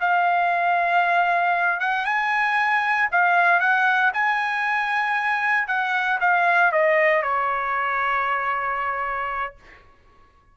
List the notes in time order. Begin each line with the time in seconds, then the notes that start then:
0.00 F5
1.80 F#5
2.05 G#5
3.12 F5
3.60 F#5
4.14 G#5
5.68 F#5
6.20 F5
6.72 D#5
7.22 C#5